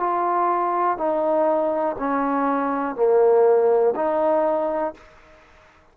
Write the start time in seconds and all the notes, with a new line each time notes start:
0.00 F4
0.98 D#4
1.99 C#4
2.96 A#3
3.96 D#4